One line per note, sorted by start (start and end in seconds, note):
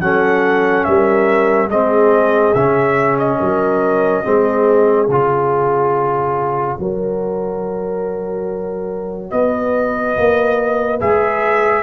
0.00 0.85 F#3
0.00 1.70 C#4
0.00 0.87 A4
0.00 0.84 F#5
0.84 1.69 G3
0.84 1.69 A#4
0.84 1.68 E5
1.69 2.54 G#3
1.69 2.55 C4
1.69 3.38 G#4
1.69 2.54 D#5
2.54 3.40 C#3
2.54 4.24 C#4
2.54 3.17 E5
3.19 5.08 D#5
3.39 4.25 F#3
3.39 4.23 A#4
4.24 5.08 G#3
4.24 5.08 C4
4.24 6.79 G#4
5.08 6.77 C#3
5.08 6.78 F4
5.08 9.30 C#5
6.78 9.32 F#3
6.78 11.00 F#4
6.78 9.31 A#4
9.30 10.16 B3
9.30 11.83 B4
9.30 10.99 D#5
10.17 11.01 A#3
11.00 11.83 G#3
11.00 11.83 G#4
11.00 11.83 E5